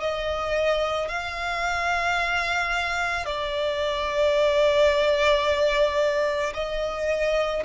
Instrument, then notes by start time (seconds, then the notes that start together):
violin
0.00 D#5
1.09 F5
3.26 D5
6.54 D#5